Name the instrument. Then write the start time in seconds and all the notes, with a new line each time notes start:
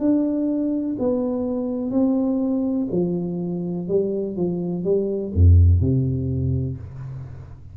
tuba
0.00 D4
0.99 B3
1.91 C4
2.91 F3
3.88 G3
4.36 F3
4.84 G3
5.34 F2
5.81 C3